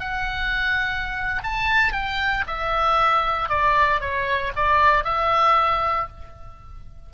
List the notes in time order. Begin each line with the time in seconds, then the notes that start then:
0.00 F#5
1.43 A5
1.93 G5
2.47 E5
3.49 D5
4.01 C#5
4.56 D5
5.04 E5